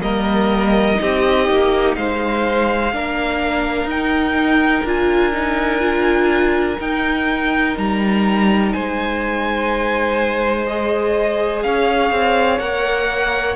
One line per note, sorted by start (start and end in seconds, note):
0.00 0.98 G3
0.00 0.94 A#3
0.00 1.00 A#4
0.00 1.95 D#5
0.94 2.88 D#4
0.94 1.97 G4
1.01 1.48 C4
1.48 1.96 A#3
1.96 2.93 G#3
1.96 2.94 C5
1.96 3.89 F5
2.93 3.84 A#3
2.93 3.89 D4
2.93 8.74 A#4
3.84 4.81 D#4
3.84 4.86 D#4
3.90 4.87 G5
4.83 6.77 D4
4.83 5.33 F4
4.83 6.80 G#5
5.33 5.80 D#4
5.80 6.76 F4
6.80 7.76 D#4
6.80 10.66 D#4
6.80 7.77 G5
7.77 8.74 G3
7.77 8.72 A#5
8.72 11.64 G#3
8.72 11.64 C5
8.72 10.66 G#5
10.66 12.59 G#4
10.66 11.62 D#5
11.62 12.11 C#4
11.62 13.55 C#5
11.62 12.59 F5
12.11 12.59 C4
12.59 13.55 A#3
12.59 13.55 A#4
12.59 13.55 F#5